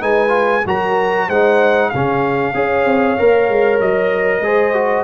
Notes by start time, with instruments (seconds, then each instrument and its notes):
0.00 tuba G#3, trombone D#4, horn B4, trumpet G#5
0.28 trombone F4
0.65 tuba F#3, trombone F#4, horn A#4, trumpet A#5
1.26 tuba G#3, trombone D#4, horn C5, trumpet F#5
1.89 tuba C#3, trombone C#4, horn G#4, trumpet F5
2.53 tuba C#4, trombone G#4, horn C#5
2.85 tuba C4
3.18 tuba A#3, trombone A#4
3.49 tuba G#3
3.80 tuba F#3, trumpet D#5
4.40 tuba G#3, trombone G#4, horn C5
4.73 trombone F#4